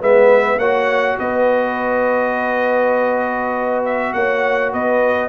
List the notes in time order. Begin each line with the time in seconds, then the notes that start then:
0.00 G#3 B3 B4 E5
0.57 A#3 F#4 C#5 F#5
1.19 B3 B4 D#5
3.85 E5
4.13 A#3 C#5 F#5
4.72 B3 B4 D#5